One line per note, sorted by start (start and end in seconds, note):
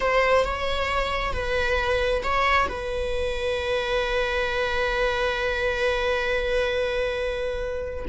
0.00 0.44 C5
0.44 1.33 C#5
1.33 2.22 B4
2.23 2.68 C#5
2.68 8.05 B4